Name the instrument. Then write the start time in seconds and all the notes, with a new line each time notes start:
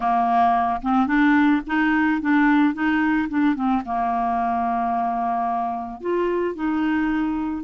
clarinet
0.00 A#3
0.82 C4
1.06 D4
1.66 D#4
2.21 D4
2.73 D#4
3.29 D4
3.55 C4
3.85 A#3
6.00 F4
6.55 D#4